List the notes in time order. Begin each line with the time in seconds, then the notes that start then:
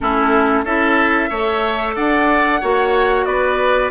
0.00 A3 C#4 E4 A4
0.64 C#4 E4 A4 E5
1.29 A3 A4 C#5
1.95 D4 D5 F#5
2.60 A#3 F#4 C#5
3.25 B3 B4 D5